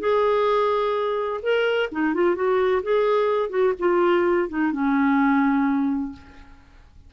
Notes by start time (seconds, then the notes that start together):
0.00 G#4
1.43 A#4
1.92 D#4
2.14 F4
2.35 F#4
2.83 G#4
3.50 F#4
3.79 F4
4.49 D#4
4.72 C#4